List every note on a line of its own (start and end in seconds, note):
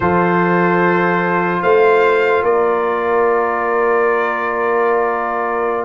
0.00 1.62 F3
0.00 5.85 F4
0.00 1.61 A4
0.00 1.62 C5
1.61 2.43 A3
1.61 2.42 C5
1.61 2.43 F5
2.43 5.85 A#3
2.43 5.85 A#4
2.43 5.85 D5